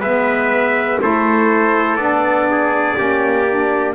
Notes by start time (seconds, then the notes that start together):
0.00 G#3 B3 B4 E5
1.00 A3 E4 A4 C5
1.96 B3 D4 D5
2.50 G#4
2.96 A#3 C#4 G4
3.48 D4